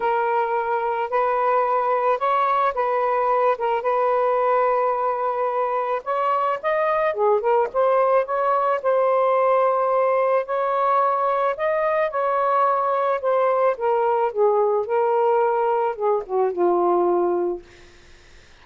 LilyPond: \new Staff \with { instrumentName = "saxophone" } { \time 4/4 \tempo 4 = 109 ais'2 b'2 | cis''4 b'4. ais'8 b'4~ | b'2. cis''4 | dis''4 gis'8 ais'8 c''4 cis''4 |
c''2. cis''4~ | cis''4 dis''4 cis''2 | c''4 ais'4 gis'4 ais'4~ | ais'4 gis'8 fis'8 f'2 | }